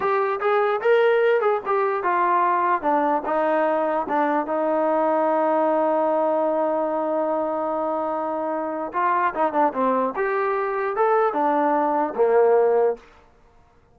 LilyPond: \new Staff \with { instrumentName = "trombone" } { \time 4/4 \tempo 4 = 148 g'4 gis'4 ais'4. gis'8 | g'4 f'2 d'4 | dis'2 d'4 dis'4~ | dis'1~ |
dis'1~ | dis'2 f'4 dis'8 d'8 | c'4 g'2 a'4 | d'2 ais2 | }